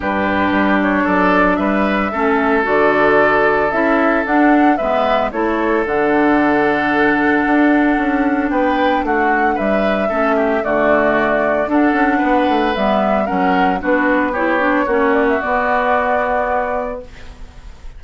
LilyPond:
<<
  \new Staff \with { instrumentName = "flute" } { \time 4/4 \tempo 4 = 113 b'4. cis''8 d''4 e''4~ | e''4 d''2 e''4 | fis''4 e''4 cis''4 fis''4~ | fis''1 |
g''4 fis''4 e''2 | d''2 fis''2 | e''4 fis''4 b'4 cis''4~ | cis''8 d''16 e''16 d''2. | }
  \new Staff \with { instrumentName = "oboe" } { \time 4/4 g'2 a'4 b'4 | a'1~ | a'4 b'4 a'2~ | a'1 |
b'4 fis'4 b'4 a'8 g'8 | fis'2 a'4 b'4~ | b'4 ais'4 fis'4 g'4 | fis'1 | }
  \new Staff \with { instrumentName = "clarinet" } { \time 4/4 d'1 | cis'4 fis'2 e'4 | d'4 b4 e'4 d'4~ | d'1~ |
d'2. cis'4 | a2 d'2 | b4 cis'4 d'4 e'8 d'8 | cis'4 b2. | }
  \new Staff \with { instrumentName = "bassoon" } { \time 4/4 g,4 g4 fis4 g4 | a4 d2 cis'4 | d'4 gis4 a4 d4~ | d2 d'4 cis'4 |
b4 a4 g4 a4 | d2 d'8 cis'8 b8 a8 | g4 fis4 b2 | ais4 b2. | }
>>